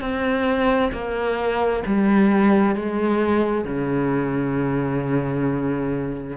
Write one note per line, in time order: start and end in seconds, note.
0.00 0.91 C4
0.92 1.83 A#3
1.86 2.75 G3
2.75 3.64 G#3
3.64 6.37 C#3